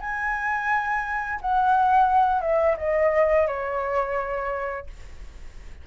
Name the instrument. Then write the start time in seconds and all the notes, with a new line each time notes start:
flute
0.00 G#5
1.41 F#5
2.41 E5
2.77 D#5
3.48 C#5